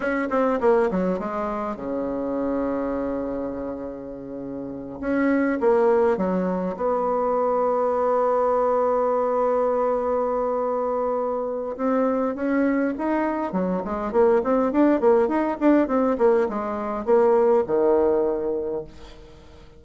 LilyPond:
\new Staff \with { instrumentName = "bassoon" } { \time 4/4 \tempo 4 = 102 cis'8 c'8 ais8 fis8 gis4 cis4~ | cis1~ | cis8 cis'4 ais4 fis4 b8~ | b1~ |
b1 | c'4 cis'4 dis'4 fis8 gis8 | ais8 c'8 d'8 ais8 dis'8 d'8 c'8 ais8 | gis4 ais4 dis2 | }